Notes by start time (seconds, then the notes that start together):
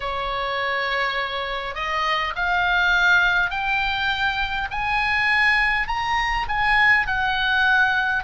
0.00 C#5
1.74 D#5
2.35 F5
3.50 G5
4.71 G#5
5.87 A#5
6.48 G#5
7.06 F#5